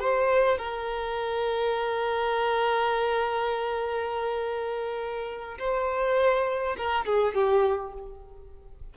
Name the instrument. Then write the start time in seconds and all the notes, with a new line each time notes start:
violin
0.00 C5
0.58 A#4
5.59 C5
6.78 A#4
7.06 G#4
7.35 G4